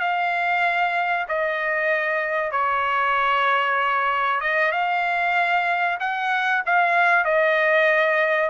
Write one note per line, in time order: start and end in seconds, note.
0.00 1.26 F5
1.28 2.51 D#5
2.51 4.40 C#5
4.40 4.72 D#5
4.72 5.98 F5
6.00 6.63 F#5
6.66 7.24 F5
7.24 8.50 D#5